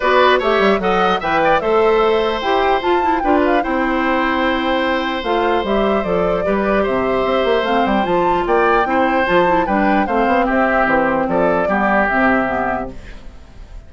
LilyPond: <<
  \new Staff \with { instrumentName = "flute" } { \time 4/4 \tempo 4 = 149 d''4 e''4 fis''4 g''4 | e''2 g''4 a''4 | g''8 f''8 g''2.~ | g''4 f''4 e''4 d''4~ |
d''4 e''2 f''8 g''8 | a''4 g''2 a''4 | g''4 f''4 e''4 c''4 | d''2 e''2 | }
  \new Staff \with { instrumentName = "oboe" } { \time 4/4 b'4 cis''4 dis''4 e''8 d''8 | c''1 | b'4 c''2.~ | c''1 |
b'4 c''2.~ | c''4 d''4 c''2 | b'4 c''4 g'2 | a'4 g'2. | }
  \new Staff \with { instrumentName = "clarinet" } { \time 4/4 fis'4 g'4 a'4 b'4 | a'2 g'4 f'8 e'8 | f'4 e'2.~ | e'4 f'4 g'4 a'4 |
g'2. c'4 | f'2 e'4 f'8 e'8 | d'4 c'2.~ | c'4 b4 c'4 b4 | }
  \new Staff \with { instrumentName = "bassoon" } { \time 4/4 b4 a8 g8 fis4 e4 | a2 e'4 f'4 | d'4 c'2.~ | c'4 a4 g4 f4 |
g4 c4 c'8 ais8 a8 g8 | f4 ais4 c'4 f4 | g4 a8 b8 c'4 e4 | f4 g4 c2 | }
>>